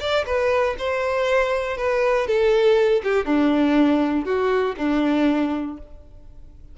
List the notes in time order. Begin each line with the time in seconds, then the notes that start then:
0.00 D5
0.26 B4
0.79 C5
1.77 B4
2.27 A4
3.04 G4
3.25 D4
4.25 F#4
4.77 D4